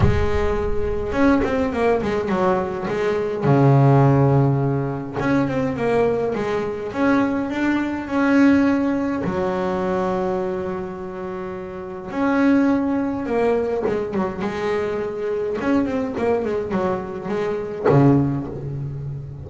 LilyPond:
\new Staff \with { instrumentName = "double bass" } { \time 4/4 \tempo 4 = 104 gis2 cis'8 c'8 ais8 gis8 | fis4 gis4 cis2~ | cis4 cis'8 c'8 ais4 gis4 | cis'4 d'4 cis'2 |
fis1~ | fis4 cis'2 ais4 | gis8 fis8 gis2 cis'8 c'8 | ais8 gis8 fis4 gis4 cis4 | }